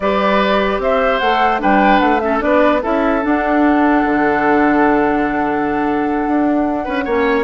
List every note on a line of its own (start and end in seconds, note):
0.00 0.79 G3
0.00 1.22 G4
0.00 0.82 B4
0.00 0.80 D5
0.79 1.19 C4
0.79 1.61 C5
0.79 1.19 E5
1.19 1.62 A3
1.19 1.59 A4
1.19 1.59 F#5
1.59 2.01 G3
1.59 2.19 D4
1.59 2.21 B4
1.59 1.99 G5
1.99 2.41 A3
1.99 2.19 F#5
2.19 2.39 C#4
2.19 2.43 A4
2.19 2.39 E5
2.39 2.83 B3
2.39 2.79 D4
2.39 2.82 B4
2.39 2.81 D5
2.82 3.24 C#4
2.82 3.21 E4
2.82 6.84 A4
2.82 3.23 E5
3.21 7.04 D4
3.21 4.04 D4
3.21 7.43 F#5
4.04 6.26 D3
6.27 6.87 D4
6.84 7.06 C#4
6.84 7.04 B4
7.04 7.43 A#3
7.04 7.43 C#4
7.04 7.43 C#5